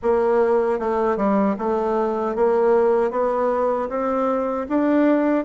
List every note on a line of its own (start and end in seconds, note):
0.02 0.79 A#3
0.79 1.17 A3
1.17 1.55 G3
1.58 2.35 A3
2.35 3.10 A#3
3.10 3.88 B3
3.89 4.66 C4
4.69 5.44 D4